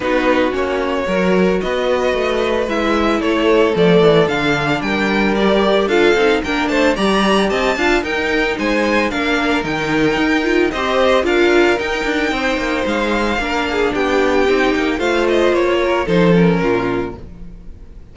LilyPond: <<
  \new Staff \with { instrumentName = "violin" } { \time 4/4 \tempo 4 = 112 b'4 cis''2 dis''4~ | dis''4 e''4 cis''4 d''4 | f''4 g''4 d''4 f''4 | g''8 a''8 ais''4 a''4 g''4 |
gis''4 f''4 g''2 | dis''4 f''4 g''2 | f''2 g''2 | f''8 dis''8 cis''4 c''8 ais'4. | }
  \new Staff \with { instrumentName = "violin" } { \time 4/4 fis'2 ais'4 b'4~ | b'2 a'2~ | a'4 ais'2 a'4 | ais'8 c''8 d''4 dis''8 f''8 ais'4 |
c''4 ais'2. | c''4 ais'2 c''4~ | c''4 ais'8 gis'8 g'2 | c''4. ais'8 a'4 f'4 | }
  \new Staff \with { instrumentName = "viola" } { \time 4/4 dis'4 cis'4 fis'2~ | fis'4 e'2 a4 | d'2 g'4 f'8 dis'8 | d'4 g'4. f'8 dis'4~ |
dis'4 d'4 dis'4. f'8 | g'4 f'4 dis'2~ | dis'4 d'2 dis'4 | f'2 dis'8 cis'4. | }
  \new Staff \with { instrumentName = "cello" } { \time 4/4 b4 ais4 fis4 b4 | a4 gis4 a4 f8 e8 | d4 g2 d'8 c'8 | ais8 a8 g4 c'8 d'8 dis'4 |
gis4 ais4 dis4 dis'4 | c'4 d'4 dis'8 d'8 c'8 ais8 | gis4 ais4 b4 c'8 ais8 | a4 ais4 f4 ais,4 | }
>>